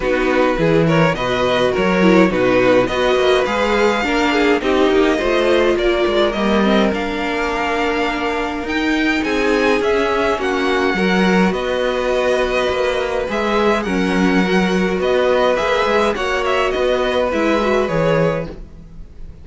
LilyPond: <<
  \new Staff \with { instrumentName = "violin" } { \time 4/4 \tempo 4 = 104 b'4. cis''8 dis''4 cis''4 | b'4 dis''4 f''2 | dis''2 d''4 dis''4 | f''2. g''4 |
gis''4 e''4 fis''2 | dis''2. e''4 | fis''2 dis''4 e''4 | fis''8 e''8 dis''4 e''4 cis''4 | }
  \new Staff \with { instrumentName = "violin" } { \time 4/4 fis'4 gis'8 ais'8 b'4 ais'4 | fis'4 b'2 ais'8 gis'8 | g'4 c''4 ais'2~ | ais'1 |
gis'2 fis'4 ais'4 | b'1 | ais'2 b'2 | cis''4 b'2. | }
  \new Staff \with { instrumentName = "viola" } { \time 4/4 dis'4 e'4 fis'4. e'8 | dis'4 fis'4 gis'4 d'4 | dis'4 f'2 ais8 c'8 | d'2. dis'4~ |
dis'4 cis'2 fis'4~ | fis'2. gis'4 | cis'4 fis'2 gis'4 | fis'2 e'8 fis'8 gis'4 | }
  \new Staff \with { instrumentName = "cello" } { \time 4/4 b4 e4 b,4 fis4 | b,4 b8 ais8 gis4 ais4 | c'8 ais8 a4 ais8 gis8 g4 | ais2. dis'4 |
c'4 cis'4 ais4 fis4 | b2 ais4 gis4 | fis2 b4 ais8 gis8 | ais4 b4 gis4 e4 | }
>>